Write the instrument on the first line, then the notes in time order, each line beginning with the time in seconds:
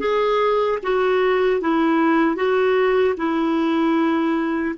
clarinet
0.00 G#4
0.83 F#4
1.62 E4
2.36 F#4
3.18 E4